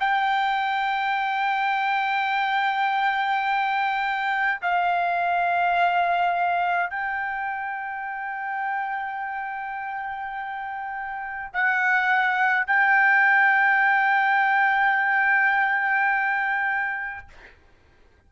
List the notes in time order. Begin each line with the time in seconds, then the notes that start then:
0.00 G5
4.63 F5
6.91 G5
11.54 F#5
12.67 G5